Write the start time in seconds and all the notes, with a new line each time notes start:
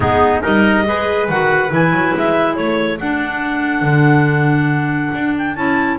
0.00 G#3 B3 D#4 G#4
0.41 G3 D#4 A#4 D#5
0.85 G#3 G#4 B4
1.28 D#3 F#4 F#5
1.69 E3 E4 G#5
1.91 F#3
2.15 G#3 E5
2.55 A3 A4 C#5
2.99 D4 F#5
3.81 D3
5.14 D4
5.37 G5
5.55 C#4 E4 A5